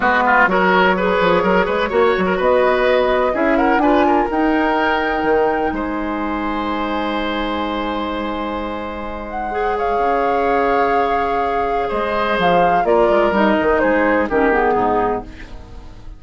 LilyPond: <<
  \new Staff \with { instrumentName = "flute" } { \time 4/4 \tempo 4 = 126 b'4 cis''2.~ | cis''4 dis''2 e''8 fis''8 | gis''4 g''2. | gis''1~ |
gis''2.~ gis''8 fis''8~ | fis''8 f''2.~ f''8~ | f''4 dis''4 f''4 d''4 | dis''4 c''4 ais'8 gis'4. | }
  \new Staff \with { instrumentName = "oboe" } { \time 4/4 fis'8 f'8 ais'4 b'4 ais'8 b'8 | cis''8. ais'16 b'2 gis'8 ais'8 | b'8 ais'2.~ ais'8 | c''1~ |
c''1~ | c''8 cis''2.~ cis''8~ | cis''4 c''2 ais'4~ | ais'4 gis'4 g'4 dis'4 | }
  \new Staff \with { instrumentName = "clarinet" } { \time 4/4 b4 fis'4 gis'2 | fis'2. e'4 | f'4 dis'2.~ | dis'1~ |
dis'1 | gis'1~ | gis'2. f'4 | dis'2 cis'8 b4. | }
  \new Staff \with { instrumentName = "bassoon" } { \time 4/4 gis4 fis4. f8 fis8 gis8 | ais8 fis8 b2 cis'4 | d'4 dis'2 dis4 | gis1~ |
gis1~ | gis4 cis2.~ | cis4 gis4 f4 ais8 gis8 | g8 dis8 gis4 dis4 gis,4 | }
>>